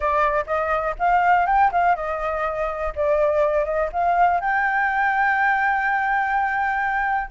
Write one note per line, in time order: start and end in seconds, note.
0.00 0.44 D5
0.46 0.95 D#5
0.98 1.46 F5
1.46 1.71 G5
1.72 1.95 F5
1.95 2.93 D#5
2.95 3.64 D5
3.64 3.89 D#5
3.92 4.40 F5
4.40 7.30 G5